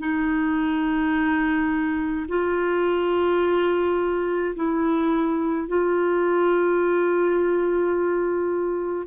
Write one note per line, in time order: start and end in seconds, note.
0.00 2.26 D#4
2.28 4.55 F4
4.55 5.68 E4
5.68 9.07 F4